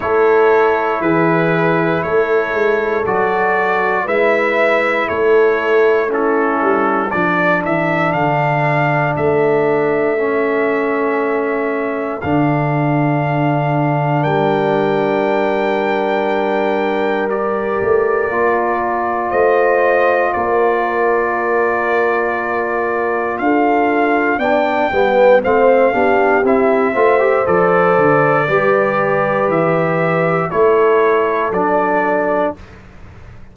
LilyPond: <<
  \new Staff \with { instrumentName = "trumpet" } { \time 4/4 \tempo 4 = 59 cis''4 b'4 cis''4 d''4 | e''4 cis''4 a'4 d''8 e''8 | f''4 e''2. | f''2 g''2~ |
g''4 d''2 dis''4 | d''2. f''4 | g''4 f''4 e''4 d''4~ | d''4 e''4 cis''4 d''4 | }
  \new Staff \with { instrumentName = "horn" } { \time 4/4 a'4 gis'4 a'2 | b'4 a'4 e'4 a'4~ | a'1~ | a'2 ais'2~ |
ais'2. c''4 | ais'2. a'4 | d''8 b'8 c''8 g'4 c''4. | b'2 a'2 | }
  \new Staff \with { instrumentName = "trombone" } { \time 4/4 e'2. fis'4 | e'2 cis'4 d'4~ | d'2 cis'2 | d'1~ |
d'4 g'4 f'2~ | f'1 | d'8 b8 c'8 d'8 e'8 f'16 g'16 a'4 | g'2 e'4 d'4 | }
  \new Staff \with { instrumentName = "tuba" } { \time 4/4 a4 e4 a8 gis8 fis4 | gis4 a4. g8 f8 e8 | d4 a2. | d2 g2~ |
g4. a8 ais4 a4 | ais2. d'4 | b8 g8 a8 b8 c'8 a8 f8 d8 | g4 e4 a4 fis4 | }
>>